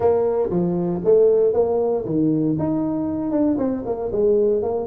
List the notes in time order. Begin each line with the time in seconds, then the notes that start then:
0.00 A#3
0.49 F3
1.04 A3
1.53 A#3
2.05 D#3
2.59 D#4
3.31 D4
3.58 C4
3.85 A#3
4.12 G#3
4.62 A#3